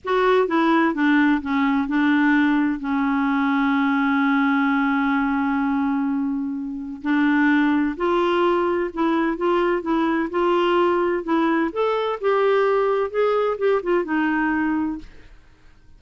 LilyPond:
\new Staff \with { instrumentName = "clarinet" } { \time 4/4 \tempo 4 = 128 fis'4 e'4 d'4 cis'4 | d'2 cis'2~ | cis'1~ | cis'2. d'4~ |
d'4 f'2 e'4 | f'4 e'4 f'2 | e'4 a'4 g'2 | gis'4 g'8 f'8 dis'2 | }